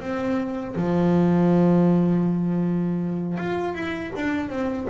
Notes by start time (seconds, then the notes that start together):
0.00 C4
0.76 F3
3.38 F4
3.74 E4
4.16 D4
4.49 C4